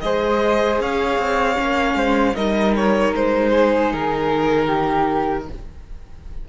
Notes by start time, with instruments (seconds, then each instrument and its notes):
0.00 cello G#3, viola G#4, flute C5, violin D#5
0.79 cello C#4, flute C#5, violin F5
1.18 cello C4
1.56 cello A#3, viola C#4
1.94 cello G#3, flute C5
2.35 cello G3, viola D#4, flute A#4, violin D#5
2.76 violin C#5
3.15 cello G#3, violin C5
3.51 flute G#4
3.92 cello D#3, violin A#4
4.66 flute G4